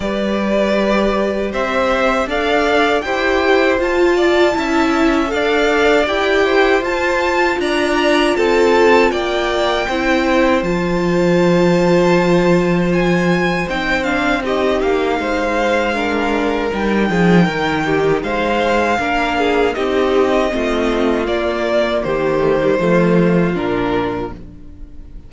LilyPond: <<
  \new Staff \with { instrumentName = "violin" } { \time 4/4 \tempo 4 = 79 d''2 e''4 f''4 | g''4 a''2 f''4 | g''4 a''4 ais''4 a''4 | g''2 a''2~ |
a''4 gis''4 g''8 f''8 dis''8 f''8~ | f''2 g''2 | f''2 dis''2 | d''4 c''2 ais'4 | }
  \new Staff \with { instrumentName = "violin" } { \time 4/4 b'2 c''4 d''4 | c''4. d''8 e''4 d''4~ | d''8 c''4. d''4 a'4 | d''4 c''2.~ |
c''2. g'4 | c''4 ais'4. gis'8 ais'8 g'8 | c''4 ais'8 gis'8 g'4 f'4~ | f'4 g'4 f'2 | }
  \new Staff \with { instrumentName = "viola" } { \time 4/4 g'2. a'4 | g'4 f'4 e'4 a'4 | g'4 f'2.~ | f'4 e'4 f'2~ |
f'2 dis'8 d'8 dis'4~ | dis'4 d'4 dis'2~ | dis'4 d'4 dis'4 c'4 | ais4. a16 g16 a4 d'4 | }
  \new Staff \with { instrumentName = "cello" } { \time 4/4 g2 c'4 d'4 | e'4 f'4 cis'4 d'4 | e'4 f'4 d'4 c'4 | ais4 c'4 f2~ |
f2 c'4. ais8 | gis2 g8 f8 dis4 | gis4 ais4 c'4 a4 | ais4 dis4 f4 ais,4 | }
>>